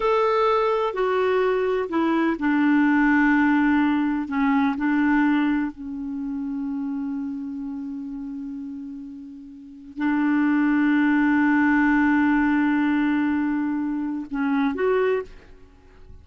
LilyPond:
\new Staff \with { instrumentName = "clarinet" } { \time 4/4 \tempo 4 = 126 a'2 fis'2 | e'4 d'2.~ | d'4 cis'4 d'2 | cis'1~ |
cis'1~ | cis'4 d'2.~ | d'1~ | d'2 cis'4 fis'4 | }